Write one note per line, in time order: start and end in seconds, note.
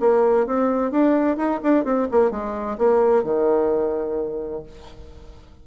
0.00 0.47 A#3
0.47 0.91 C4
0.91 1.37 D4
1.37 1.60 D#4
1.63 1.85 D4
1.85 2.08 C4
2.11 2.31 A#3
2.31 2.78 G#3
2.78 3.24 A#3
3.24 4.63 D#3